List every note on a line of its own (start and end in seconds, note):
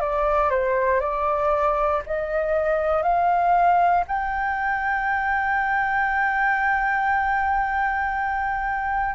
0.00 0.50 D5
0.50 1.00 C5
1.00 2.02 D5
2.06 3.02 D#5
3.02 4.04 F5
4.07 9.15 G5